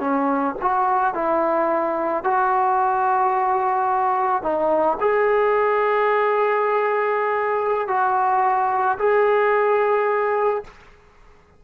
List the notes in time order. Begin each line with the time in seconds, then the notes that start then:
0.00 C#4
0.61 F#4
1.14 E4
2.24 F#4
4.43 D#4
5.00 G#4
7.88 F#4
8.98 G#4